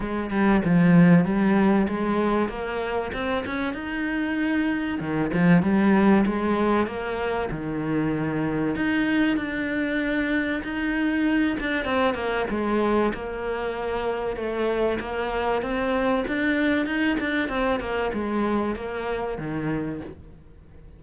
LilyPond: \new Staff \with { instrumentName = "cello" } { \time 4/4 \tempo 4 = 96 gis8 g8 f4 g4 gis4 | ais4 c'8 cis'8 dis'2 | dis8 f8 g4 gis4 ais4 | dis2 dis'4 d'4~ |
d'4 dis'4. d'8 c'8 ais8 | gis4 ais2 a4 | ais4 c'4 d'4 dis'8 d'8 | c'8 ais8 gis4 ais4 dis4 | }